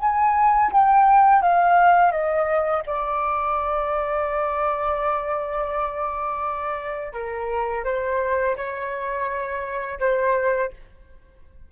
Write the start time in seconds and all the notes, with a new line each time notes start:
0.00 G#5
0.72 G5
1.43 F5
2.12 D#5
2.87 D5
7.13 A#4
7.85 C5
8.57 C#5
10.00 C5